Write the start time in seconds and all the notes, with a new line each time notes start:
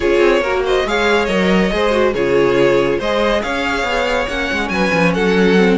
0.00 C#4 F4 G#4 C#5
0.19 C4
0.40 A#3 F#4 A#4
0.65 C5 D#5
0.85 G#3 G#4 C#5 F5
1.25 F#3 A#4 D#5
1.71 G#3 G#4 C5
1.90 F#4
2.13 C#3 F4 G#4 C#5
2.98 G#3 G#4 C5 D#5
3.42 C#4 C#5 F5
3.83 B3
4.28 A#3 C#4 F#5
4.52 G#3
4.68 F#3 B4 G#5
4.93 F3
5.14 F#3 A4 F#5
5.57 C4